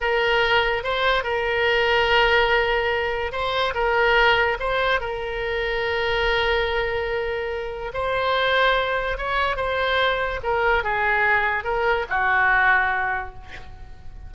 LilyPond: \new Staff \with { instrumentName = "oboe" } { \time 4/4 \tempo 4 = 144 ais'2 c''4 ais'4~ | ais'1 | c''4 ais'2 c''4 | ais'1~ |
ais'2. c''4~ | c''2 cis''4 c''4~ | c''4 ais'4 gis'2 | ais'4 fis'2. | }